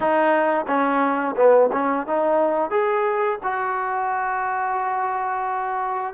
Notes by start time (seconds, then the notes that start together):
0.00 D#4
0.67 C#4
1.36 B3
1.72 C#4
2.06 D#4
2.70 G#4
3.43 F#4